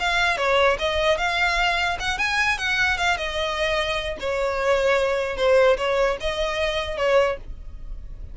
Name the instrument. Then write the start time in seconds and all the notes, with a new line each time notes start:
violin
0.00 F5
0.38 C#5
0.79 D#5
1.18 F5
2.00 F#5
2.19 G#5
2.59 F#5
2.98 F5
3.18 D#5
4.21 C#5
5.37 C5
5.78 C#5
6.21 D#5
6.98 C#5